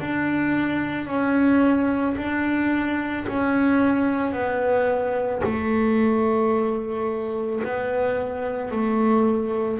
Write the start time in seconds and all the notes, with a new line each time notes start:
0.00 D4
1.07 C#4
2.17 D4
3.28 C#4
4.32 B3
5.43 A3
7.64 B3
8.71 A3